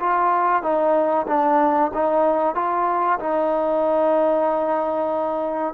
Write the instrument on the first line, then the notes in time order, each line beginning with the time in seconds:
trombone
0.00 F4
0.63 D#4
1.28 D4
1.94 D#4
2.55 F4
3.19 D#4